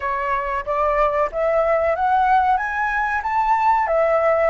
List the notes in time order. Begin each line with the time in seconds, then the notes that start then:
0.00 C#5
0.65 D5
1.31 E5
1.95 F#5
2.57 G#5
3.22 A5
3.87 E5